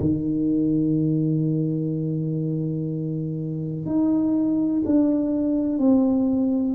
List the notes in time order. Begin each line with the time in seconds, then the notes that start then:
0.00 D#3
3.86 D#4
4.86 D4
5.78 C4